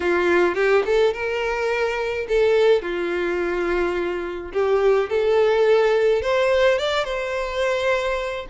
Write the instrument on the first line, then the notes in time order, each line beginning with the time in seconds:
violin
0.00 F4
0.55 G4
0.85 A4
1.13 A#4
2.28 A4
2.82 F4
4.53 G4
5.09 A4
6.21 C5
6.78 D5
7.04 C5